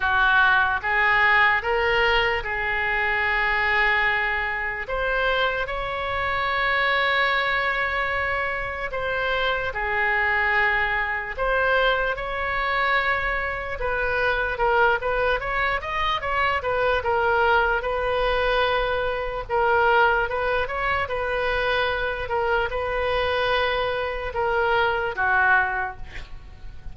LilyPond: \new Staff \with { instrumentName = "oboe" } { \time 4/4 \tempo 4 = 74 fis'4 gis'4 ais'4 gis'4~ | gis'2 c''4 cis''4~ | cis''2. c''4 | gis'2 c''4 cis''4~ |
cis''4 b'4 ais'8 b'8 cis''8 dis''8 | cis''8 b'8 ais'4 b'2 | ais'4 b'8 cis''8 b'4. ais'8 | b'2 ais'4 fis'4 | }